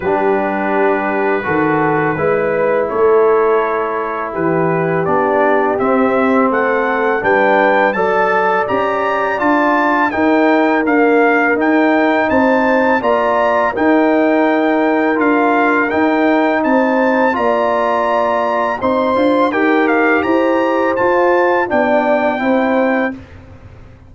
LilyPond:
<<
  \new Staff \with { instrumentName = "trumpet" } { \time 4/4 \tempo 4 = 83 b'1 | cis''2 b'4 d''4 | e''4 fis''4 g''4 a''4 | ais''4 a''4 g''4 f''4 |
g''4 a''4 ais''4 g''4~ | g''4 f''4 g''4 a''4 | ais''2 c'''4 g''8 f''8 | ais''4 a''4 g''2 | }
  \new Staff \with { instrumentName = "horn" } { \time 4/4 g'2 a'4 b'4 | a'2 g'2~ | g'4 a'4 b'4 d''4~ | d''2 ais'2~ |
ais'4 c''4 d''4 ais'4~ | ais'2. c''4 | d''2 c''4 ais'4 | c''2 d''4 c''4 | }
  \new Staff \with { instrumentName = "trombone" } { \time 4/4 d'2 fis'4 e'4~ | e'2. d'4 | c'2 d'4 a'4 | g'4 f'4 dis'4 ais4 |
dis'2 f'4 dis'4~ | dis'4 f'4 dis'2 | f'2 dis'8 f'8 g'4~ | g'4 f'4 d'4 e'4 | }
  \new Staff \with { instrumentName = "tuba" } { \time 4/4 g2 dis4 gis4 | a2 e4 b4 | c'4 a4 g4 fis4 | cis'4 d'4 dis'4 d'4 |
dis'4 c'4 ais4 dis'4~ | dis'4 d'4 dis'4 c'4 | ais2 c'8 d'8 dis'4 | e'4 f'4 b4 c'4 | }
>>